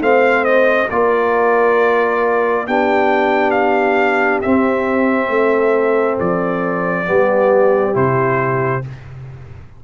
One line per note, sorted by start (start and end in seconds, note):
0.00 0.88 A3
0.00 0.88 C4
0.00 0.88 C5
0.00 0.44 F5
0.44 0.88 D#5
0.88 2.67 A#3
0.88 2.67 F4
0.88 2.65 A#4
0.88 2.67 D5
2.67 4.43 B3
2.67 4.43 D4
2.67 5.31 G4
2.67 3.51 G5
3.51 4.39 F5
4.41 7.05 C4
4.41 5.29 C4
4.41 6.18 E5
5.29 6.17 A3
5.29 7.08 A4
6.20 7.08 F3
6.20 7.95 D5
7.05 7.95 G3
7.05 7.93 B3
7.05 8.84 G4
7.93 8.83 C3
7.93 8.81 E4
7.93 8.84 C5